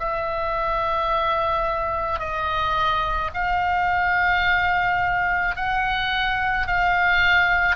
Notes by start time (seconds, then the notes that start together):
0.00 E5
2.20 D#5
3.34 F5
5.56 F#5
6.67 F5